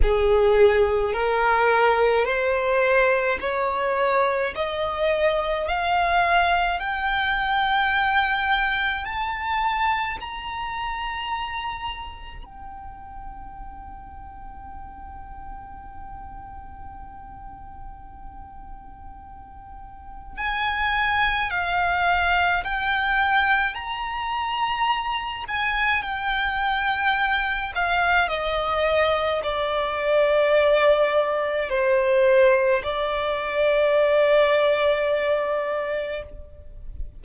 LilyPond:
\new Staff \with { instrumentName = "violin" } { \time 4/4 \tempo 4 = 53 gis'4 ais'4 c''4 cis''4 | dis''4 f''4 g''2 | a''4 ais''2 g''4~ | g''1~ |
g''2 gis''4 f''4 | g''4 ais''4. gis''8 g''4~ | g''8 f''8 dis''4 d''2 | c''4 d''2. | }